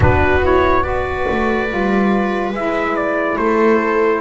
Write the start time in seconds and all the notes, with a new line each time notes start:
0.00 B3 D4 F#4 B4
0.42 E4 C#5
0.82 F#4 B4 D5
1.29 A3
1.68 G3 F4
2.52 G#3 E4 E5
2.96 D5
3.37 A3 A4 C5